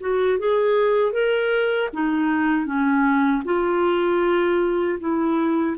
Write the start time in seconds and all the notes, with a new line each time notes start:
0.00 F#4
0.38 G#4
1.12 A#4
1.93 D#4
2.66 C#4
3.45 F4
5.00 E4